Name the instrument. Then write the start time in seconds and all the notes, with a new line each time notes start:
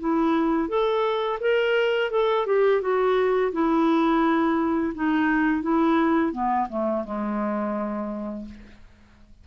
clarinet
0.00 E4
0.69 A4
1.41 A#4
2.11 A4
2.46 G4
2.81 F#4
3.52 E4
4.95 D#4
5.62 E4
6.32 B3
6.69 A3
7.05 G#3